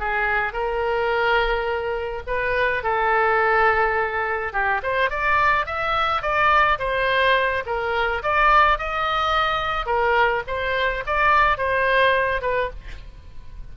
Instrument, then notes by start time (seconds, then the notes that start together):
oboe
0.00 G#4
0.53 A#4
2.27 B4
2.84 A4
4.53 G4
4.83 C5
5.10 D5
5.67 E5
6.22 D5
6.79 C5
7.66 A#4
8.23 D5
8.79 D#5
9.86 A#4
10.48 C5
11.07 D5
11.58 C5
12.42 B4